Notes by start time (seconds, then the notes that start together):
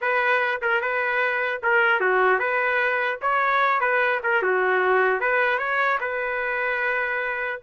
0.01 B4
0.61 A#4
0.81 B4
1.62 A#4
2.00 F#4
2.39 B4
3.21 C#5
3.80 B4
4.23 A#4
4.42 F#4
5.20 B4
5.58 C#5
6.00 B4